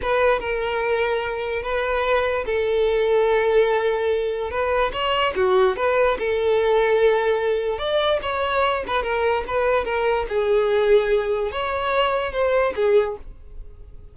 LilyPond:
\new Staff \with { instrumentName = "violin" } { \time 4/4 \tempo 4 = 146 b'4 ais'2. | b'2 a'2~ | a'2. b'4 | cis''4 fis'4 b'4 a'4~ |
a'2. d''4 | cis''4. b'8 ais'4 b'4 | ais'4 gis'2. | cis''2 c''4 gis'4 | }